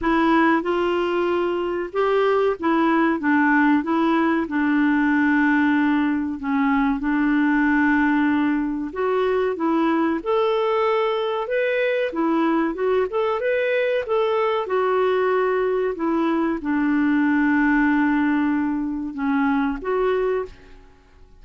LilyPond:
\new Staff \with { instrumentName = "clarinet" } { \time 4/4 \tempo 4 = 94 e'4 f'2 g'4 | e'4 d'4 e'4 d'4~ | d'2 cis'4 d'4~ | d'2 fis'4 e'4 |
a'2 b'4 e'4 | fis'8 a'8 b'4 a'4 fis'4~ | fis'4 e'4 d'2~ | d'2 cis'4 fis'4 | }